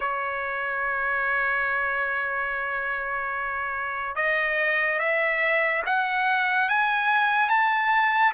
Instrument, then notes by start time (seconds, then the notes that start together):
trumpet
0.00 C#5
4.15 D#5
4.99 E5
5.86 F#5
6.68 G#5
7.49 A5